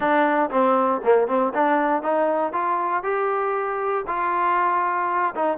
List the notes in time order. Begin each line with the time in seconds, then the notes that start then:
0.00 D4
0.50 C4
1.03 A#3
1.27 C4
1.53 D4
2.02 D#4
2.52 F4
3.03 G4
4.07 F4
5.35 D#4